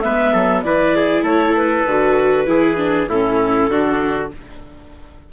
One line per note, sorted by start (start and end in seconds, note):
0.00 0.33 G#3
0.00 0.64 B3
0.00 0.32 B4
0.00 0.61 E5
0.32 0.63 F#3
0.32 0.63 A4
0.62 1.22 E3
0.62 1.87 E4
0.62 0.96 B4
0.62 1.23 D5
0.96 1.23 G#4
1.22 1.83 A3
1.22 2.46 A4
1.22 1.56 C#5
1.56 3.08 B4
1.86 2.47 D3
1.86 2.46 F#4
2.46 3.07 E3
2.46 2.77 E4
2.46 3.09 G#4
2.77 3.07 D4
3.07 3.68 A2
3.07 3.71 C#4
3.07 3.70 E4
3.07 4.30 A4
3.68 4.29 D3
3.68 4.32 D4
3.68 4.32 F#4